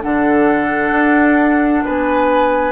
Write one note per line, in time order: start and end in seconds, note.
0.00 0.91 D3
0.00 2.72 D4
0.00 1.84 A4
0.00 1.84 F#5
0.91 1.82 D4
1.84 2.72 B3
1.84 2.72 B4
1.84 2.72 G#5